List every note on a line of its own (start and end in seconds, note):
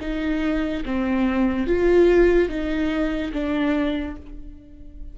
0.00 0.83 D#4
0.85 1.66 C4
1.66 2.48 F4
2.48 3.31 D#4
3.32 4.16 D4